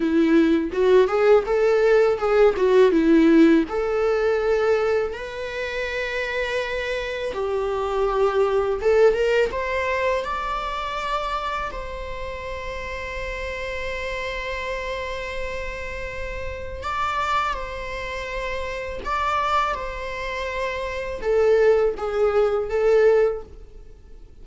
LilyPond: \new Staff \with { instrumentName = "viola" } { \time 4/4 \tempo 4 = 82 e'4 fis'8 gis'8 a'4 gis'8 fis'8 | e'4 a'2 b'4~ | b'2 g'2 | a'8 ais'8 c''4 d''2 |
c''1~ | c''2. d''4 | c''2 d''4 c''4~ | c''4 a'4 gis'4 a'4 | }